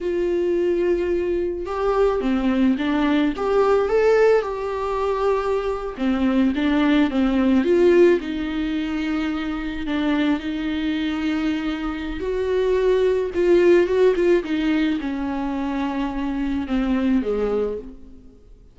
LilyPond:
\new Staff \with { instrumentName = "viola" } { \time 4/4 \tempo 4 = 108 f'2. g'4 | c'4 d'4 g'4 a'4 | g'2~ g'8. c'4 d'16~ | d'8. c'4 f'4 dis'4~ dis'16~ |
dis'4.~ dis'16 d'4 dis'4~ dis'16~ | dis'2 fis'2 | f'4 fis'8 f'8 dis'4 cis'4~ | cis'2 c'4 gis4 | }